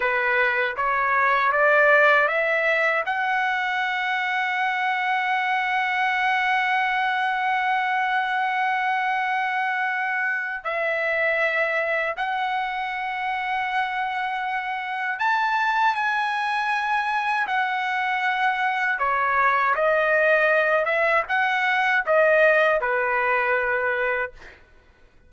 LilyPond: \new Staff \with { instrumentName = "trumpet" } { \time 4/4 \tempo 4 = 79 b'4 cis''4 d''4 e''4 | fis''1~ | fis''1~ | fis''2 e''2 |
fis''1 | a''4 gis''2 fis''4~ | fis''4 cis''4 dis''4. e''8 | fis''4 dis''4 b'2 | }